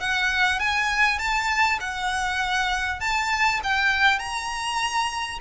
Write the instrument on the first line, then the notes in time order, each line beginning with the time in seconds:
violin
0.00 F#5
0.59 G#5
1.18 A5
1.80 F#5
3.00 A5
3.63 G5
4.19 A#5